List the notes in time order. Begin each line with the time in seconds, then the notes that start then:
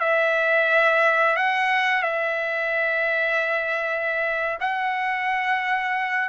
0.00 E5
1.36 F#5
2.03 E5
4.61 F#5